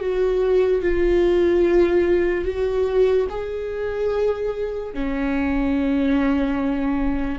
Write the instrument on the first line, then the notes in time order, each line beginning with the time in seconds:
viola
0.00 F#4
0.82 F4
2.45 F#4
3.30 G#4
4.94 C#4